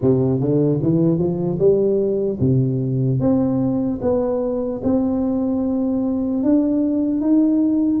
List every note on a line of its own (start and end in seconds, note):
0.01 0.40 C3
0.40 0.80 D3
0.82 1.18 E3
1.18 1.58 F3
1.59 2.39 G3
2.40 3.20 C3
3.20 4.00 C4
4.01 4.81 B3
4.83 6.43 C4
6.43 7.20 D4
7.20 8.00 D#4